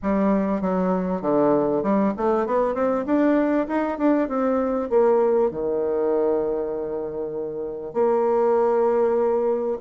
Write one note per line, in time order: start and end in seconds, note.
0.02 0.61 G3
0.61 1.21 F#3
1.21 1.82 D3
1.82 2.13 G3
2.17 2.46 A3
2.46 2.74 B3
2.74 3.04 C4
3.06 3.67 D4
3.67 3.98 D#4
3.98 4.28 D4
4.28 4.89 C4
4.89 5.50 A#3
5.50 7.93 D#3
7.93 9.77 A#3